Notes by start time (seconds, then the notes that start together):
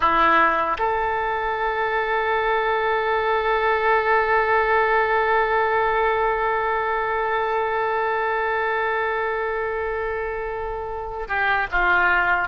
0.00 E4
0.78 A4
11.28 G4
11.71 F4